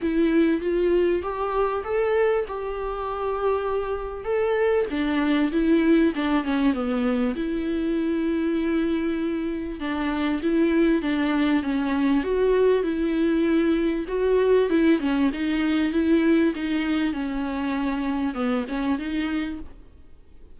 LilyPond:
\new Staff \with { instrumentName = "viola" } { \time 4/4 \tempo 4 = 98 e'4 f'4 g'4 a'4 | g'2. a'4 | d'4 e'4 d'8 cis'8 b4 | e'1 |
d'4 e'4 d'4 cis'4 | fis'4 e'2 fis'4 | e'8 cis'8 dis'4 e'4 dis'4 | cis'2 b8 cis'8 dis'4 | }